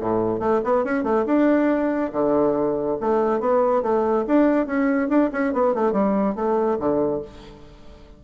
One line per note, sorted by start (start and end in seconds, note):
0.00 0.39 A2
0.39 0.61 A3
0.64 0.84 B3
0.84 1.03 C#4
1.03 1.25 A3
1.26 2.11 D4
2.12 2.97 D3
3.00 3.40 A3
3.40 3.82 B3
3.82 4.25 A3
4.27 4.66 D4
4.66 5.09 C#4
5.09 5.30 D4
5.32 5.53 C#4
5.53 5.74 B3
5.74 5.92 A3
5.92 6.35 G3
6.35 6.78 A3
6.79 7.21 D3